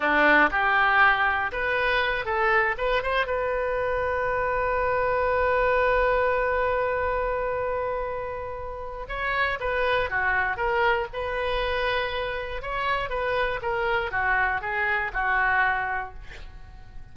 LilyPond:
\new Staff \with { instrumentName = "oboe" } { \time 4/4 \tempo 4 = 119 d'4 g'2 b'4~ | b'8 a'4 b'8 c''8 b'4.~ | b'1~ | b'1~ |
b'2 cis''4 b'4 | fis'4 ais'4 b'2~ | b'4 cis''4 b'4 ais'4 | fis'4 gis'4 fis'2 | }